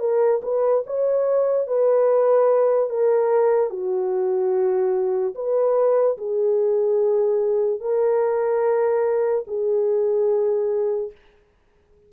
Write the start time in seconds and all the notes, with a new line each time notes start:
0.00 A#4
0.43 B4
0.87 C#5
1.67 B4
2.90 A#4
3.70 F#4
5.35 B4
6.18 G#4
7.80 A#4
9.47 G#4